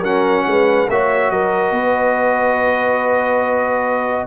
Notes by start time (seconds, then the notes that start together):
0.00 F#3 C#4 A#4 F#5
0.46 G#3 B4
0.89 A#3 F#4 C#5 E5
1.30 F#3 A#4 D#5
1.71 B3 B4